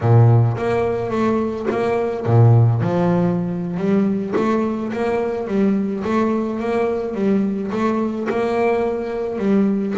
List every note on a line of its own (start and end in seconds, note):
0.00 0.56 A#2
0.57 1.10 A#3
1.10 1.66 A3
1.70 2.25 A#3
2.25 2.81 A#2
2.81 3.77 F3
3.77 4.33 G3
4.36 4.92 A3
4.92 5.47 A#3
5.47 6.03 G3
6.04 6.59 A3
6.59 7.14 A#3
7.14 7.70 G3
7.71 8.27 A3
8.29 9.38 A#3
9.38 9.94 G3